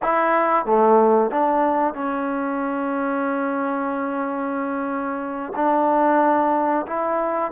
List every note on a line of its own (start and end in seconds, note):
0.02 0.65 E4
0.65 1.30 A3
1.30 1.94 D4
1.94 5.53 C#4
5.55 6.86 D4
6.86 7.51 E4